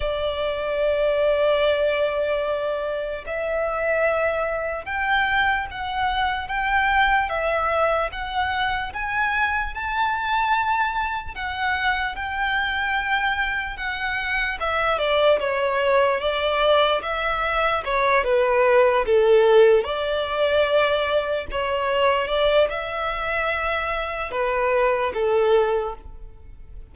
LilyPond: \new Staff \with { instrumentName = "violin" } { \time 4/4 \tempo 4 = 74 d''1 | e''2 g''4 fis''4 | g''4 e''4 fis''4 gis''4 | a''2 fis''4 g''4~ |
g''4 fis''4 e''8 d''8 cis''4 | d''4 e''4 cis''8 b'4 a'8~ | a'8 d''2 cis''4 d''8 | e''2 b'4 a'4 | }